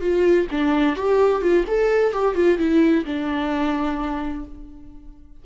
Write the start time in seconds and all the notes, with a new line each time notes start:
0.00 F4
0.50 D4
0.96 G4
1.41 F4
1.67 A4
2.12 G4
2.35 F4
2.58 E4
3.05 D4